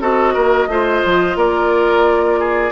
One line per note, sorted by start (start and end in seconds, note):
0.00 0.35 C4
0.00 0.68 F#4
0.00 0.33 A4
0.00 1.37 D#5
0.33 0.67 A#3
0.33 0.67 A#4
0.67 1.01 A3
0.67 2.71 F4
0.67 1.37 C5
1.05 1.35 F3
1.35 2.71 A#3
1.35 2.39 A#4
1.35 2.71 D5
2.39 2.71 G#4